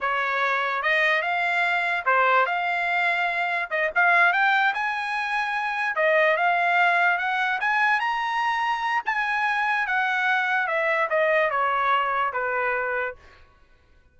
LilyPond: \new Staff \with { instrumentName = "trumpet" } { \time 4/4 \tempo 4 = 146 cis''2 dis''4 f''4~ | f''4 c''4 f''2~ | f''4 dis''8 f''4 g''4 gis''8~ | gis''2~ gis''8 dis''4 f''8~ |
f''4. fis''4 gis''4 ais''8~ | ais''2 gis''2 | fis''2 e''4 dis''4 | cis''2 b'2 | }